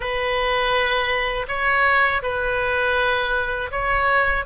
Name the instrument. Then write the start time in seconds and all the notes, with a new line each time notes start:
oboe
0.00 B4
1.47 C#5
2.22 B4
3.71 C#5